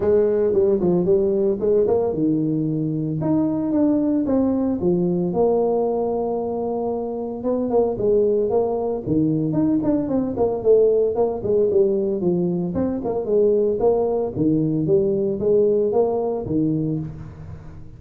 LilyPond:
\new Staff \with { instrumentName = "tuba" } { \time 4/4 \tempo 4 = 113 gis4 g8 f8 g4 gis8 ais8 | dis2 dis'4 d'4 | c'4 f4 ais2~ | ais2 b8 ais8 gis4 |
ais4 dis4 dis'8 d'8 c'8 ais8 | a4 ais8 gis8 g4 f4 | c'8 ais8 gis4 ais4 dis4 | g4 gis4 ais4 dis4 | }